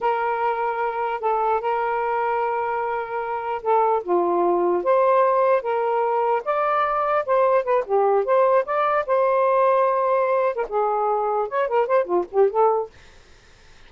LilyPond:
\new Staff \with { instrumentName = "saxophone" } { \time 4/4 \tempo 4 = 149 ais'2. a'4 | ais'1~ | ais'4 a'4 f'2 | c''2 ais'2 |
d''2 c''4 b'8 g'8~ | g'8 c''4 d''4 c''4.~ | c''2~ c''16 ais'16 gis'4.~ | gis'8 cis''8 ais'8 c''8 f'8 g'8 a'4 | }